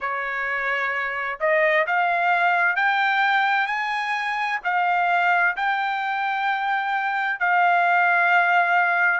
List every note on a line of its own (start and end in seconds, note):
0.00 1.39 C#5
1.39 1.85 D#5
1.86 2.76 F5
2.76 3.67 G5
3.67 4.59 G#5
4.64 5.56 F5
5.56 7.39 G5
7.39 9.20 F5